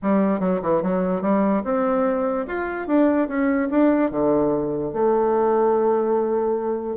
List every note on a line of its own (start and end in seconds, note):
0.02 0.40 G3
0.40 0.60 F#3
0.62 0.82 E3
0.82 1.21 F#3
1.21 1.62 G3
1.64 2.46 C4
2.47 2.87 F4
2.87 3.27 D4
3.27 3.69 C#4
3.70 4.10 D4
4.10 4.92 D3
4.92 6.96 A3